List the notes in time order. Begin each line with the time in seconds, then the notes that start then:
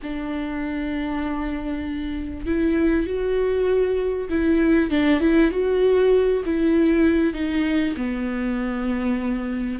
0.03 D4
2.46 E4
3.06 F#4
4.29 E4
4.90 D4
5.20 E4
5.51 F#4
6.45 E4
7.33 D#4
7.96 B3